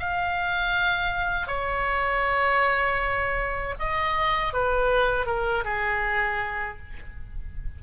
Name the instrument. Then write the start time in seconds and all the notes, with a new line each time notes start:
oboe
0.00 F5
1.47 C#5
3.79 D#5
4.53 B4
5.26 A#4
5.65 G#4